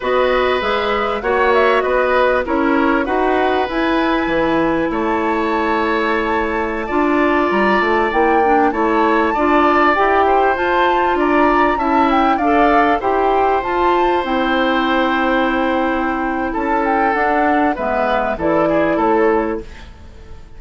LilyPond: <<
  \new Staff \with { instrumentName = "flute" } { \time 4/4 \tempo 4 = 98 dis''4 e''4 fis''8 e''8 dis''4 | cis''4 fis''4 gis''2 | a''1~ | a''16 ais''8 a''8 g''4 a''4.~ a''16~ |
a''16 g''4 a''4 ais''4 a''8 g''16~ | g''16 f''4 g''4 a''4 g''8.~ | g''2. a''8 g''8 | fis''4 e''4 d''4 cis''4 | }
  \new Staff \with { instrumentName = "oboe" } { \time 4/4 b'2 cis''4 b'4 | ais'4 b'2. | cis''2.~ cis''16 d''8.~ | d''2~ d''16 cis''4 d''8.~ |
d''8. c''4. d''4 e''8.~ | e''16 d''4 c''2~ c''8.~ | c''2. a'4~ | a'4 b'4 a'8 gis'8 a'4 | }
  \new Staff \with { instrumentName = "clarinet" } { \time 4/4 fis'4 gis'4 fis'2 | e'4 fis'4 e'2~ | e'2.~ e'16 f'8.~ | f'4~ f'16 e'8 d'8 e'4 f'8.~ |
f'16 g'4 f'2 e'8.~ | e'16 a'4 g'4 f'4 e'8.~ | e'1 | d'4 b4 e'2 | }
  \new Staff \with { instrumentName = "bassoon" } { \time 4/4 b4 gis4 ais4 b4 | cis'4 dis'4 e'4 e4 | a2.~ a16 d'8.~ | d'16 g8 a8 ais4 a4 d'8.~ |
d'16 e'4 f'4 d'4 cis'8.~ | cis'16 d'4 e'4 f'4 c'8.~ | c'2. cis'4 | d'4 gis4 e4 a4 | }
>>